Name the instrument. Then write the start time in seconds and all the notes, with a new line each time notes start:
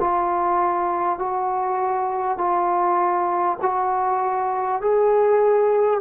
trombone
0.00 F4
1.19 F#4
2.38 F4
3.62 F#4
4.82 G#4